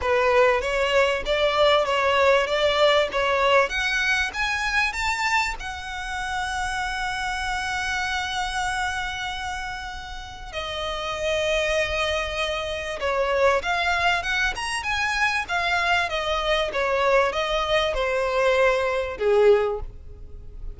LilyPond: \new Staff \with { instrumentName = "violin" } { \time 4/4 \tempo 4 = 97 b'4 cis''4 d''4 cis''4 | d''4 cis''4 fis''4 gis''4 | a''4 fis''2.~ | fis''1~ |
fis''4 dis''2.~ | dis''4 cis''4 f''4 fis''8 ais''8 | gis''4 f''4 dis''4 cis''4 | dis''4 c''2 gis'4 | }